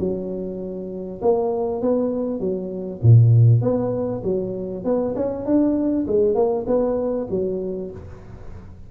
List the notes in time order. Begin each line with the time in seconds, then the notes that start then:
0.00 F#3
1.22 A#3
1.82 B3
2.40 F#3
3.03 A#2
3.62 B3
4.24 F#3
4.85 B3
5.16 C#4
5.46 D4
6.08 G#3
6.35 A#3
6.67 B3
7.31 F#3